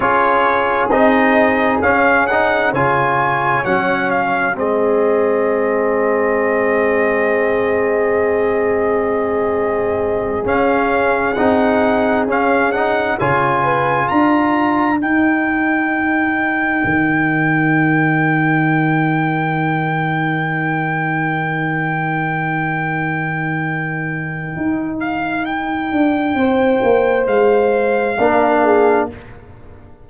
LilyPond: <<
  \new Staff \with { instrumentName = "trumpet" } { \time 4/4 \tempo 4 = 66 cis''4 dis''4 f''8 fis''8 gis''4 | fis''8 f''8 dis''2.~ | dis''2.~ dis''8 f''8~ | f''8 fis''4 f''8 fis''8 gis''4 ais''8~ |
ais''8 g''2.~ g''8~ | g''1~ | g''2.~ g''8 f''8 | g''2 f''2 | }
  \new Staff \with { instrumentName = "horn" } { \time 4/4 gis'2. cis''4~ | cis''4 gis'2.~ | gis'1~ | gis'2~ gis'8 cis''8 b'8 ais'8~ |
ais'1~ | ais'1~ | ais'1~ | ais'4 c''2 ais'8 gis'8 | }
  \new Staff \with { instrumentName = "trombone" } { \time 4/4 f'4 dis'4 cis'8 dis'8 f'4 | cis'4 c'2.~ | c'2.~ c'8 cis'8~ | cis'8 dis'4 cis'8 dis'8 f'4.~ |
f'8 dis'2.~ dis'8~ | dis'1~ | dis'1~ | dis'2. d'4 | }
  \new Staff \with { instrumentName = "tuba" } { \time 4/4 cis'4 c'4 cis'4 cis4 | fis4 gis2.~ | gis2.~ gis8 cis'8~ | cis'8 c'4 cis'4 cis4 d'8~ |
d'8 dis'2 dis4.~ | dis1~ | dis2. dis'4~ | dis'8 d'8 c'8 ais8 gis4 ais4 | }
>>